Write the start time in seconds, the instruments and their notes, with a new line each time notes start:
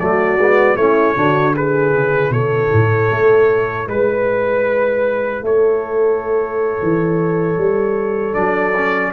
0.00 tuba F#3, trombone A3, horn F#4, trumpet D5
0.37 tuba G#3, trombone B3
0.76 tuba A3, trombone C#4, horn E4, trumpet C#5
1.16 tuba D3, trombone D4, horn F#4
1.53 trombone E4, horn G#4, trumpet B4
1.95 tuba C#3
2.30 tuba B2, horn A4, trumpet C#5
2.73 tuba A2
3.11 tuba A3
3.88 tuba G#3, horn B4, trumpet B4
5.42 tuba A3, horn A4, trumpet C#5
6.82 tuba E3
7.58 tuba G3
8.34 tuba F#3, trombone D4, trumpet D5
8.76 trombone C#4